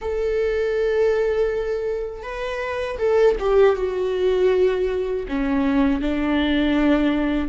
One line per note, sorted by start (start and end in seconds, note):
0.01 2.23 A4
2.23 2.98 B4
2.98 3.36 A4
3.39 3.76 G4
3.76 5.26 F#4
5.28 6.01 C#4
6.01 7.48 D4